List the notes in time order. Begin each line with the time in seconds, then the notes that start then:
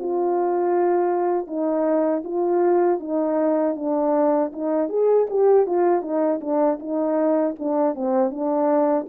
0.00 F4
1.47 D#4
2.25 F4
3.00 D#4
3.76 D4
4.53 D#4
4.90 G#4
5.30 G4
5.67 F4
6.02 D#4
6.41 D4
6.80 D#4
7.59 D4
7.95 C4
8.31 D4